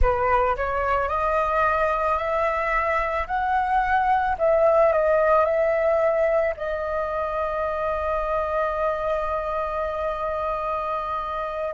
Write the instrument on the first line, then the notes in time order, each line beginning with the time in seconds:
flute
0.01 B4
0.56 C#5
1.09 D#5
2.18 E5
3.27 F#5
4.38 E5
4.92 D#5
5.45 E5
6.57 D#5